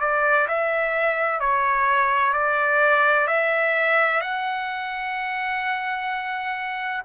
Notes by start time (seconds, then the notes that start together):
0.00 D5
0.47 E5
1.40 C#5
2.33 D5
3.27 E5
4.20 F#5